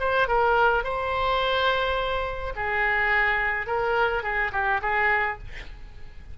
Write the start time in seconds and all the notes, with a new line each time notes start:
0.00 C5
0.28 A#4
0.84 C5
2.56 G#4
3.67 A#4
4.23 G#4
4.52 G4
4.82 G#4